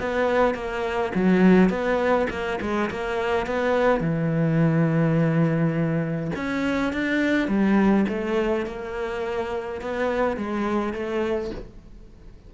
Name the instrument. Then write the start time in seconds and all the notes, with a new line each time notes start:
cello
0.00 B3
0.55 A#3
1.15 F#3
1.70 B3
2.31 A#3
2.62 G#3
2.91 A#3
3.47 B3
4.01 E3
6.36 C#4
6.93 D4
7.48 G3
8.09 A3
8.66 A#3
9.82 B3
10.37 G#3
10.94 A3